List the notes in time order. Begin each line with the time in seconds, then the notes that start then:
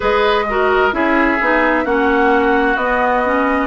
0.00 G#3 G#4 B4 D#5
0.49 F#4 A#4
0.91 C#4 E4 G#4 E5
1.41 B3 D#4
1.84 A#3 C#4 F#4 F#5
2.76 B3 D#5
3.24 C#4